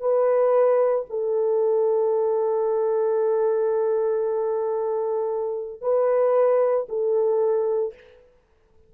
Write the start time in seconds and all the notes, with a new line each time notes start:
0.00 B4
1.10 A4
5.81 B4
6.89 A4